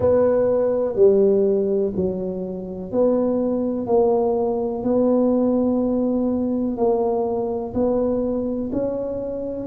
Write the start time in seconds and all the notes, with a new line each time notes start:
0.00 B3
0.95 G3
1.96 F#3
2.91 B3
3.86 A#3
4.83 B3
6.76 A#3
7.74 B3
8.72 C#4